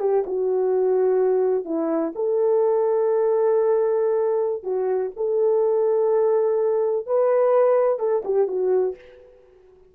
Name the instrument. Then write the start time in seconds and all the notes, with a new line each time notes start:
horn
0.00 G4
0.26 F#4
1.65 E4
2.15 A4
4.63 F#4
5.16 A4
7.06 B4
7.99 A4
8.24 G4
8.48 F#4